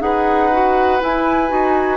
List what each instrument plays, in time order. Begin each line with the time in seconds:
0.00 bassoon D#4, clarinet G#4, oboe B4, flute F#5
0.52 clarinet F#4
1.00 clarinet E4, bassoon E4, flute G#5
1.48 bassoon D#4, clarinet F#4